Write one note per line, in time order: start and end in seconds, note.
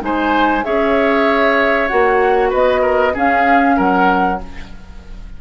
0.00 0.64 G#3
0.00 0.62 D#4
0.00 0.65 C5
0.00 0.64 G#5
0.64 1.91 C#4
0.64 1.89 G#4
0.64 2.50 C#5
0.64 1.88 E5
1.88 2.53 A#3
1.88 3.13 F#4
1.88 2.51 F#5
2.50 3.15 B3
2.50 2.81 B4
2.50 3.16 D#5
2.82 3.13 A#4
3.13 4.38 C#4
3.13 3.79 C#4
3.13 3.76 G#4
3.13 3.78 F5
3.76 4.41 F#3
3.76 4.39 A#4
3.76 4.41 F#5